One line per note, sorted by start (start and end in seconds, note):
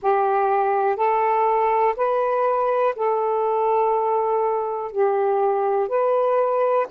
0.01 0.96 G4
0.96 1.94 A4
1.96 2.94 B4
2.95 4.91 A4
4.91 5.88 G4
5.88 6.86 B4